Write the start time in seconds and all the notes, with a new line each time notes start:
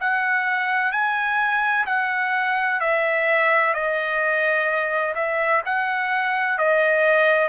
0.00 F#5
0.92 G#5
1.86 F#5
2.80 E5
3.74 D#5
5.15 E5
5.65 F#5
6.58 D#5